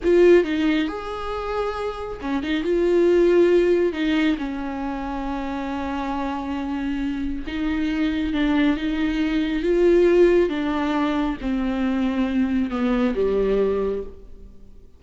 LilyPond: \new Staff \with { instrumentName = "viola" } { \time 4/4 \tempo 4 = 137 f'4 dis'4 gis'2~ | gis'4 cis'8 dis'8 f'2~ | f'4 dis'4 cis'2~ | cis'1~ |
cis'4 dis'2 d'4 | dis'2 f'2 | d'2 c'2~ | c'4 b4 g2 | }